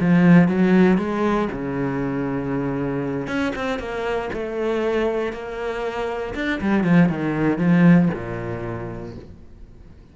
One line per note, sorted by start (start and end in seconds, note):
0.00 0.48 F3
0.48 0.98 F#3
0.98 1.49 G#3
1.52 3.28 C#3
3.28 3.53 C#4
3.55 3.79 C4
3.79 4.30 A#3
4.33 5.32 A3
5.32 6.34 A#3
6.35 6.60 D4
6.61 6.84 G3
6.84 7.09 F3
7.09 7.58 D#3
7.58 8.09 F3
8.14 9.16 A#2